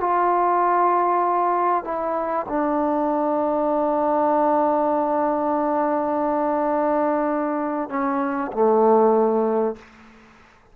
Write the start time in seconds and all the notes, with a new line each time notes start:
0.00 F4
1.84 E4
2.49 D4
7.89 C#4
8.52 A3